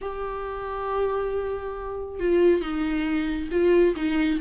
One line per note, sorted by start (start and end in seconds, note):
0.01 2.19 G4
2.19 2.61 F4
2.61 3.48 D#4
3.51 3.94 F4
3.96 4.40 D#4